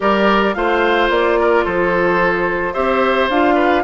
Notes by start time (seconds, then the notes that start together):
0.00 G3 G4 A#4 D5
0.54 A3 F4 C5 F5
1.09 A#3 D5
1.39 A#4
1.64 F3 A4 C5
2.73 C4 G4 C5 E5
3.29 D4 F4 F5
3.55 B4